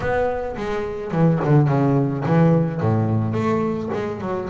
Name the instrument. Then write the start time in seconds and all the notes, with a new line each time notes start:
double bass
0.00 B3
0.57 G#3
1.11 E3
1.44 D3
1.68 C#3
2.25 E3
2.80 A2
3.33 A3
3.93 G#3
4.20 F#3